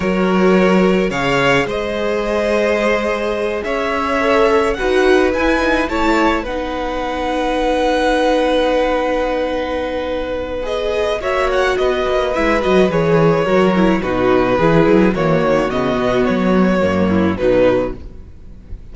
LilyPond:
<<
  \new Staff \with { instrumentName = "violin" } { \time 4/4 \tempo 4 = 107 cis''2 f''4 dis''4~ | dis''2~ dis''8 e''4.~ | e''8 fis''4 gis''4 a''4 fis''8~ | fis''1~ |
fis''2. dis''4 | e''8 fis''8 dis''4 e''8 dis''8 cis''4~ | cis''4 b'2 cis''4 | dis''4 cis''2 b'4 | }
  \new Staff \with { instrumentName = "violin" } { \time 4/4 ais'2 cis''4 c''4~ | c''2~ c''8 cis''4.~ | cis''8 b'2 cis''4 b'8~ | b'1~ |
b'1 | cis''4 b'2. | ais'4 fis'4 gis'4 fis'4~ | fis'2~ fis'8 e'8 dis'4 | }
  \new Staff \with { instrumentName = "viola" } { \time 4/4 fis'2 gis'2~ | gis'2.~ gis'8 a'8~ | a'8 fis'4 e'8 dis'8 e'4 dis'8~ | dis'1~ |
dis'2. gis'4 | fis'2 e'8 fis'8 gis'4 | fis'8 e'8 dis'4 e'4 ais4 | b2 ais4 fis4 | }
  \new Staff \with { instrumentName = "cello" } { \time 4/4 fis2 cis4 gis4~ | gis2~ gis8 cis'4.~ | cis'8 dis'4 e'4 a4 b8~ | b1~ |
b1 | ais4 b8 ais8 gis8 fis8 e4 | fis4 b,4 e8 fis8 e8 dis8 | cis8 b,8 fis4 fis,4 b,4 | }
>>